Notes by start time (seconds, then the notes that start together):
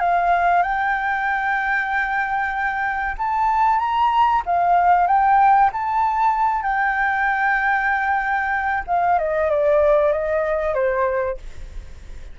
0.00 F5
0.63 G5
3.18 A5
3.79 A#5
4.46 F5
5.07 G5
5.73 A5
6.63 G5
8.87 F5
9.19 D#5
9.50 D5
10.13 D#5
10.74 C5